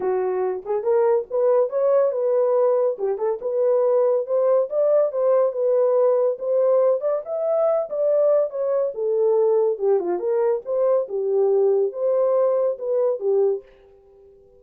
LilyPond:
\new Staff \with { instrumentName = "horn" } { \time 4/4 \tempo 4 = 141 fis'4. gis'8 ais'4 b'4 | cis''4 b'2 g'8 a'8 | b'2 c''4 d''4 | c''4 b'2 c''4~ |
c''8 d''8 e''4. d''4. | cis''4 a'2 g'8 f'8 | ais'4 c''4 g'2 | c''2 b'4 g'4 | }